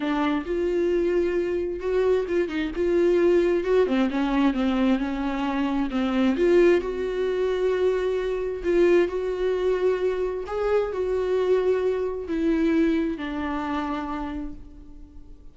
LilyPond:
\new Staff \with { instrumentName = "viola" } { \time 4/4 \tempo 4 = 132 d'4 f'2. | fis'4 f'8 dis'8 f'2 | fis'8 c'8 cis'4 c'4 cis'4~ | cis'4 c'4 f'4 fis'4~ |
fis'2. f'4 | fis'2. gis'4 | fis'2. e'4~ | e'4 d'2. | }